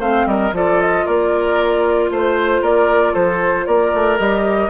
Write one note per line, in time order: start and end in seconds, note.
0.00 0.26 A3
0.00 0.53 C4
0.00 0.26 C5
0.00 0.27 F5
0.26 0.52 G3
0.26 0.55 A#4
0.26 0.54 D#5
0.52 1.05 F3
0.52 4.19 F4
0.52 1.06 A4
0.52 0.81 D5
0.81 1.07 D#5
1.06 2.11 A#3
1.06 2.10 A#4
1.06 2.11 D5
2.11 2.61 A3
2.11 2.62 C5
2.11 2.64 C5
2.61 3.14 A#3
2.61 3.13 A#4
2.61 3.15 D5
3.13 3.67 F3
3.13 3.65 A4
3.13 3.66 C5
3.66 3.93 A#3
3.66 4.70 A#4
3.66 4.18 D5
3.94 4.20 A3
4.19 4.70 G3
4.19 4.70 G4
4.19 4.70 D#5